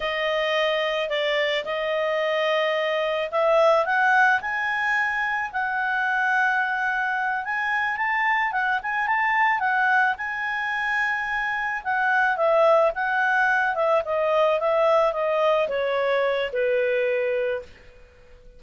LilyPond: \new Staff \with { instrumentName = "clarinet" } { \time 4/4 \tempo 4 = 109 dis''2 d''4 dis''4~ | dis''2 e''4 fis''4 | gis''2 fis''2~ | fis''4. gis''4 a''4 fis''8 |
gis''8 a''4 fis''4 gis''4.~ | gis''4. fis''4 e''4 fis''8~ | fis''4 e''8 dis''4 e''4 dis''8~ | dis''8 cis''4. b'2 | }